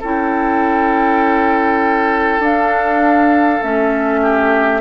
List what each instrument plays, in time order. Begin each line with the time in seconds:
0.00 bassoon C#4, clarinet E4, oboe A4, flute G5
2.40 bassoon D4, clarinet D4, flute F5
3.62 bassoon A3, clarinet C#4, flute E5
4.22 oboe G4